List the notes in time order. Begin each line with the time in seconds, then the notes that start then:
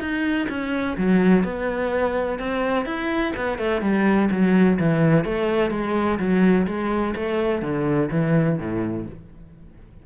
0.00 D#4
0.49 C#4
0.97 F#3
1.44 B3
2.39 C4
2.85 E4
3.36 B3
3.58 A3
3.81 G3
4.31 F#3
4.79 E3
5.24 A3
5.71 G#3
6.19 F#3
6.67 G#3
7.15 A3
7.62 D3
8.11 E3
8.58 A2